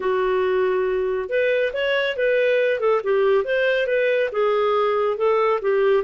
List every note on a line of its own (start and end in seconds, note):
0.00 1.29 F#4
1.29 1.72 B4
1.73 2.16 C#5
2.16 2.79 B4
2.79 3.01 A4
3.03 3.44 G4
3.44 3.87 C5
3.87 4.30 B4
4.31 5.17 G#4
5.17 5.60 A4
5.61 6.03 G4